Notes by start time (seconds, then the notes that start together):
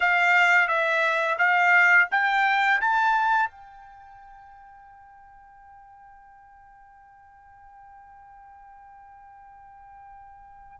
0.00 F5
0.68 E5
1.38 F5
2.11 G5
2.81 A5
3.50 G5